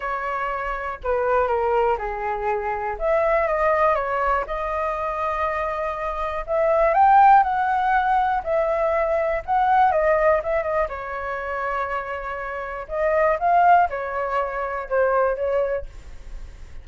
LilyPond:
\new Staff \with { instrumentName = "flute" } { \time 4/4 \tempo 4 = 121 cis''2 b'4 ais'4 | gis'2 e''4 dis''4 | cis''4 dis''2.~ | dis''4 e''4 g''4 fis''4~ |
fis''4 e''2 fis''4 | dis''4 e''8 dis''8 cis''2~ | cis''2 dis''4 f''4 | cis''2 c''4 cis''4 | }